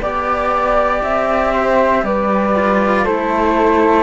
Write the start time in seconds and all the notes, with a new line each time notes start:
0.00 B3 G4 D5
1.02 C4 E5
1.52 C5
2.03 G3 B4 D5
2.56 F4
3.04 A3 E4 A4 C5